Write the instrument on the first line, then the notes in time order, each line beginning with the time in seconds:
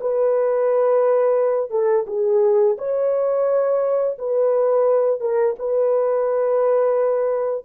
horn
0.00 B4
1.70 A4
2.06 G#4
2.78 C#5
4.18 B4
5.20 A#4
5.58 B4